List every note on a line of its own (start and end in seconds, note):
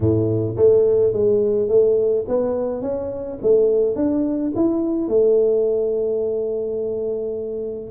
0.00 0.56 A2
0.56 1.12 A3
1.12 1.68 G#3
1.68 2.25 A3
2.28 2.81 B3
2.81 3.38 C#4
3.42 3.95 A3
3.95 4.52 D4
4.55 5.08 E4
5.08 7.91 A3